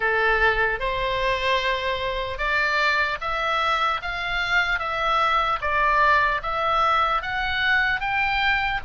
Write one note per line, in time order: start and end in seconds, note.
0.00 0.79 A4
0.79 2.38 C5
2.38 3.18 D5
3.20 4.00 E5
4.01 4.79 F5
4.79 5.59 E5
5.61 6.41 D5
6.42 7.22 E5
7.22 8.00 F#5
8.00 8.80 G5